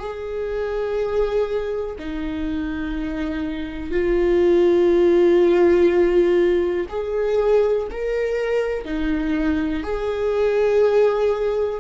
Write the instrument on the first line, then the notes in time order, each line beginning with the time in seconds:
viola
0.00 G#4
1.99 D#4
3.92 F4
6.90 G#4
7.91 A#4
8.85 D#4
9.84 G#4